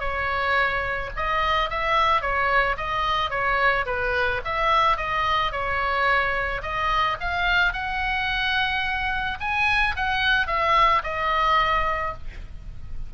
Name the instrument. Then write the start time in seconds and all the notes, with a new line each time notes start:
oboe
0.00 C#5
1.16 D#5
1.70 E5
2.21 C#5
2.77 D#5
3.31 C#5
3.86 B4
4.45 E5
4.97 D#5
5.52 C#5
6.62 D#5
7.20 F5
7.73 F#5
9.41 G#5
9.96 F#5
10.47 E5
11.04 D#5